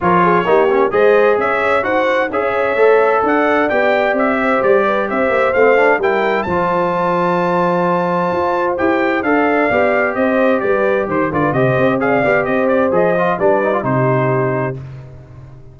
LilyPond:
<<
  \new Staff \with { instrumentName = "trumpet" } { \time 4/4 \tempo 4 = 130 cis''2 dis''4 e''4 | fis''4 e''2 fis''4 | g''4 e''4 d''4 e''4 | f''4 g''4 a''2~ |
a''2. g''4 | f''2 dis''4 d''4 | c''8 d''8 dis''4 f''4 dis''8 d''8 | dis''4 d''4 c''2 | }
  \new Staff \with { instrumentName = "horn" } { \time 4/4 ais'8 gis'8 g'4 c''4 cis''4 | c''4 cis''2 d''4~ | d''4. c''4 b'8 c''4~ | c''4 ais'4 c''2~ |
c''1~ | c''16 d''4.~ d''16 c''4 b'4 | c''8 b'8 c''4 d''4 c''4~ | c''4 b'4 g'2 | }
  \new Staff \with { instrumentName = "trombone" } { \time 4/4 f'4 dis'8 cis'8 gis'2 | fis'4 gis'4 a'2 | g'1 | c'8 d'8 e'4 f'2~ |
f'2. g'4 | a'4 g'2.~ | g'8 f'8 g'4 gis'8 g'4. | gis'8 f'8 d'8 dis'16 f'16 dis'2 | }
  \new Staff \with { instrumentName = "tuba" } { \time 4/4 f4 ais4 gis4 cis'4 | dis'4 cis'4 a4 d'4 | b4 c'4 g4 c'8 ais8 | a4 g4 f2~ |
f2 f'4 e'4 | d'4 b4 c'4 g4 | dis8 d8 c8 c'4 b8 c'4 | f4 g4 c2 | }
>>